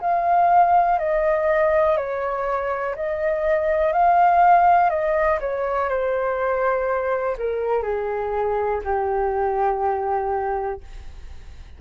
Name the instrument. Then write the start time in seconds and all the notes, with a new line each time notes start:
flute
0.00 F5
0.98 D#5
1.96 C#5
2.95 D#5
3.92 F5
4.90 D#5
5.40 C#5
5.89 C5
7.38 A#4
7.82 G#4
8.84 G4